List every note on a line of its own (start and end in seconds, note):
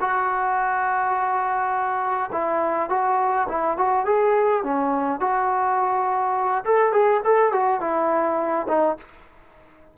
0.00 2.31 F#4
2.32 2.90 E4
2.90 3.47 F#4
3.49 3.77 E4
3.77 4.05 F#4
4.05 4.63 G#4
4.63 5.20 C#4
5.20 6.64 F#4
6.65 6.92 A4
6.92 7.21 G#4
7.24 7.52 A4
7.52 7.81 F#4
7.81 8.67 E4
8.68 8.97 D#4